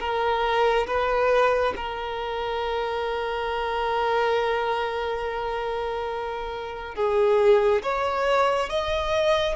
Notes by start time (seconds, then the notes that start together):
0.00 A#4
0.87 B4
1.77 A#4
6.96 G#4
7.83 C#5
8.70 D#5